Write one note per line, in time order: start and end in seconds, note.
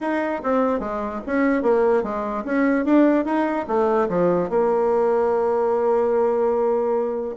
0.00 0.41 D#4
0.43 0.79 C4
0.79 1.20 G#3
1.26 1.62 C#4
1.62 2.03 A#3
2.03 2.44 G#3
2.45 2.85 C#4
2.85 3.25 D4
3.25 3.66 D#4
3.67 4.08 A3
4.09 4.49 F3
4.49 7.35 A#3